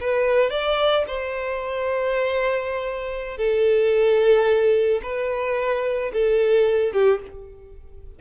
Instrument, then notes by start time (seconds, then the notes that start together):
violin
0.00 B4
0.50 D5
1.07 C5
3.37 A4
5.02 B4
6.13 A4
6.92 G4